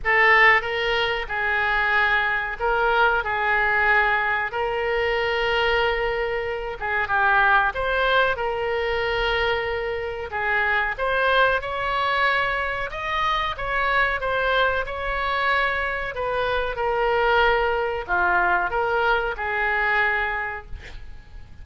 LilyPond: \new Staff \with { instrumentName = "oboe" } { \time 4/4 \tempo 4 = 93 a'4 ais'4 gis'2 | ais'4 gis'2 ais'4~ | ais'2~ ais'8 gis'8 g'4 | c''4 ais'2. |
gis'4 c''4 cis''2 | dis''4 cis''4 c''4 cis''4~ | cis''4 b'4 ais'2 | f'4 ais'4 gis'2 | }